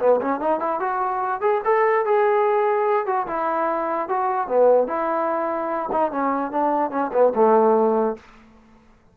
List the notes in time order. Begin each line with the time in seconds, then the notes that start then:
0.00 B3
0.21 C#4
0.40 D#4
0.60 E4
0.80 F#4
1.41 G#4
1.65 A4
2.06 G#4
3.07 F#4
3.27 E4
4.09 F#4
4.48 B3
4.88 E4
5.92 D#4
6.12 C#4
6.52 D4
6.91 C#4
7.13 B3
7.35 A3